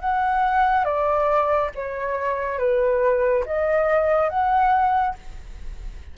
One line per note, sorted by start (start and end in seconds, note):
0.00 0.85 F#5
0.85 1.70 D5
1.75 2.59 C#5
2.59 3.44 B4
3.46 4.29 D#5
4.29 5.15 F#5